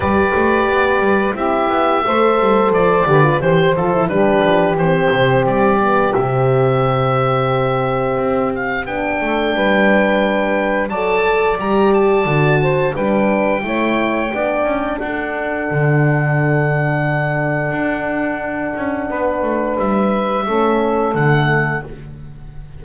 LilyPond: <<
  \new Staff \with { instrumentName = "oboe" } { \time 4/4 \tempo 4 = 88 d''2 e''2 | d''4 c''8 a'8 b'4 c''4 | d''4 e''2.~ | e''8 f''8 g''2. |
a''4 ais''8 a''4. g''4~ | g''2 fis''2~ | fis''1~ | fis''4 e''2 fis''4 | }
  \new Staff \with { instrumentName = "saxophone" } { \time 4/4 b'2 g'4 c''4~ | c''8 b'8 c''4 g'2~ | g'1~ | g'4. a'8 b'2 |
d''2~ d''8 c''8 b'4 | cis''4 d''4 a'2~ | a'1 | b'2 a'2 | }
  \new Staff \with { instrumentName = "horn" } { \time 4/4 g'2 e'4 a'4~ | a'8 g'16 f'16 g'8 f'16 e'16 d'4 c'4~ | c'8 b8 c'2.~ | c'4 d'2. |
a'4 g'4 fis'4 d'4 | e'4 d'2.~ | d'1~ | d'2 cis'4 a4 | }
  \new Staff \with { instrumentName = "double bass" } { \time 4/4 g8 a8 b8 g8 c'8 b8 a8 g8 | f8 d8 e8 f8 g8 f8 e8 c8 | g4 c2. | c'4 b8 a8 g2 |
fis4 g4 d4 g4 | a4 b8 cis'8 d'4 d4~ | d2 d'4. cis'8 | b8 a8 g4 a4 d4 | }
>>